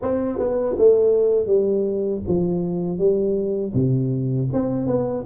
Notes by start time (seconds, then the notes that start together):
0.02 C4
0.38 B3
0.78 A3
1.46 G3
2.27 F3
2.98 G3
3.73 C3
4.52 C4
4.86 B3